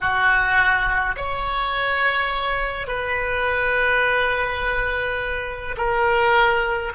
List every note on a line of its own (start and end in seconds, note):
0.00 1.15 F#4
1.16 2.87 C#5
2.87 5.75 B4
5.77 6.92 A#4